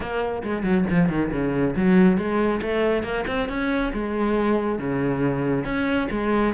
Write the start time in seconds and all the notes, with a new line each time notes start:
0.00 A#3
0.42 G#3
0.63 F#3
0.90 F3
1.08 D#3
1.31 C#3
1.76 F#3
2.17 G#3
2.61 A3
3.03 A#3
3.27 C4
3.48 C#4
3.93 G#3
4.78 C#3
5.64 C#4
6.10 G#3